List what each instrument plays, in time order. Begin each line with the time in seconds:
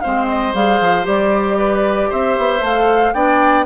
0.00 bassoon G#3, clarinet C4, oboe C5, flute F5
0.28 flute D#5
0.54 bassoon G3, clarinet G#4, flute F5
0.81 bassoon F3
1.03 bassoon G3, clarinet G4, flute D5
1.58 oboe B4
2.09 bassoon C4, oboe C5, flute E5
2.38 bassoon B3
2.61 bassoon A3, clarinet A4, flute F5
3.13 bassoon B3, clarinet D4, oboe D5, flute G5